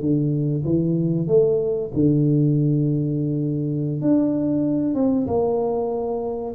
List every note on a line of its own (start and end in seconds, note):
0.00 0.64 D3
0.64 1.27 E3
1.27 1.91 A3
1.94 4.02 D3
4.02 4.95 D4
4.95 5.27 C4
5.27 6.55 A#3